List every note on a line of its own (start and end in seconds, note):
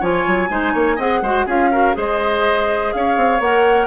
0.00 0.25 F3
0.00 0.49 F4
0.00 0.48 C#5
0.00 0.99 G#5
0.27 0.50 F#3
0.49 0.74 G#3
0.49 0.97 D#4
0.49 0.73 C5
0.73 0.98 A#3
0.73 0.96 C#5
0.96 1.22 C4
0.96 1.23 G#4
0.96 1.20 D#5
0.96 1.47 F#5
1.22 1.46 G#3
1.22 1.48 F#4
1.22 1.46 C5
1.46 1.95 C#4
1.46 1.72 F4
1.46 1.70 G#4
1.46 1.97 F5
1.71 1.94 F#4
1.71 1.95 A#4
1.94 2.93 G#3
1.94 3.39 G#4
1.94 2.94 C5
1.94 2.93 D#5
2.93 3.17 C#4
2.93 3.87 C#5
2.93 3.41 F5
3.17 3.40 C4
3.40 3.87 A#3
3.40 3.87 A#4
3.40 3.87 F#5